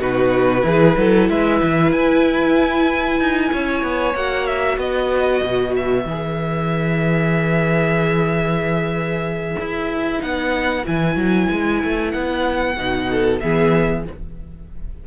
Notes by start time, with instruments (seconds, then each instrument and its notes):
0.00 cello B2, viola D#4, violin F#4 B4
0.62 cello E3, viola E4, violin G#4
0.98 cello F#3, violin A4
1.30 cello G#3, violin B4 E5
1.62 cello E3
1.92 cello E4, violin G#5
3.20 cello D#4
3.53 cello C#4, violin C#5
3.83 cello B3
4.15 cello A#3, viola F#4, violin F#5
4.47 violin E5
4.78 cello B3, violin B4 D#5
5.44 cello B2
5.76 violin E5
6.05 cello E3, viola G#4
9.60 cello E4
10.18 cello B3, viola D#4, violin F#5
10.85 cello E3, viola E4, violin G#5
11.16 cello F#3
11.52 cello G#3
11.84 cello A3
12.11 cello B3, violin F#5
12.77 cello B2, viola D#4
13.11 violin A4
13.41 cello E3, viola B3, violin G#4 E5